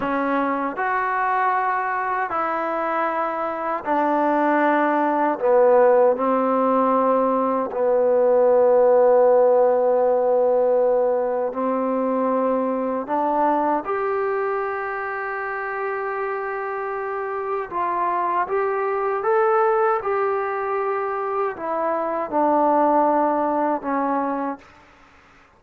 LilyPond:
\new Staff \with { instrumentName = "trombone" } { \time 4/4 \tempo 4 = 78 cis'4 fis'2 e'4~ | e'4 d'2 b4 | c'2 b2~ | b2. c'4~ |
c'4 d'4 g'2~ | g'2. f'4 | g'4 a'4 g'2 | e'4 d'2 cis'4 | }